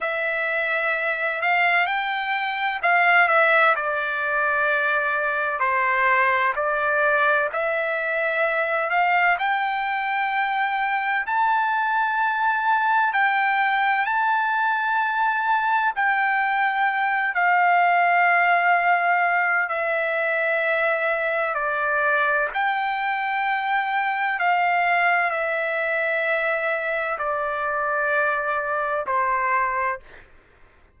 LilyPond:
\new Staff \with { instrumentName = "trumpet" } { \time 4/4 \tempo 4 = 64 e''4. f''8 g''4 f''8 e''8 | d''2 c''4 d''4 | e''4. f''8 g''2 | a''2 g''4 a''4~ |
a''4 g''4. f''4.~ | f''4 e''2 d''4 | g''2 f''4 e''4~ | e''4 d''2 c''4 | }